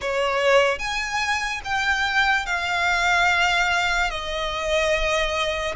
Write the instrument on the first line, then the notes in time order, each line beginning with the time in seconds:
violin
0.01 C#5
0.78 G#5
1.64 G5
2.46 F5
4.10 D#5